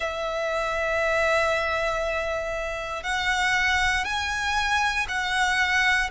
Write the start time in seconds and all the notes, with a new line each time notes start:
0.00 E5
3.03 F#5
4.04 G#5
5.08 F#5